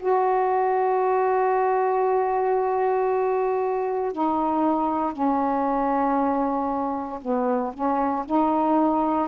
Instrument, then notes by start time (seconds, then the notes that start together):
saxophone
0.00 F#4
4.12 D#4
5.13 C#4
7.22 B3
7.74 C#4
8.26 D#4